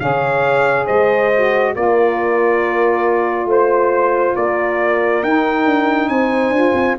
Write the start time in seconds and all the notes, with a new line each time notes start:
0.00 C#3 G#4 C#5 F5
0.86 G#3 C5 D#5
1.35 F#4
1.75 A#3 F4 A#4 D5
3.46 A3 C5
4.36 A#3 A#4 D5
5.23 D#4 G5
5.66 D4
6.09 C4 C5 G#5
6.51 D4 F4
6.74 C4